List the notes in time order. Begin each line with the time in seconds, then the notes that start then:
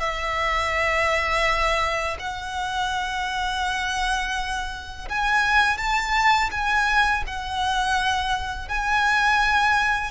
0.00 E5
2.19 F#5
5.09 G#5
5.78 A5
6.51 G#5
7.27 F#5
8.69 G#5